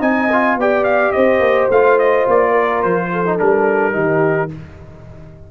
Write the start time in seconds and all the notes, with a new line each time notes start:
0.00 C4 D#4 D#5 G#5
0.32 F4
0.56 B3 G4 D5 G5
0.84 F5
1.12 C4 C5 D#5
1.39 A#3
1.70 A3 F4 F5
1.99 D#5
2.28 A#3 D5
2.51 A#4
2.82 F3 C5
3.12 A4
3.25 D#4
3.38 G3 D4 A#4
3.93 D#3 D#4 G4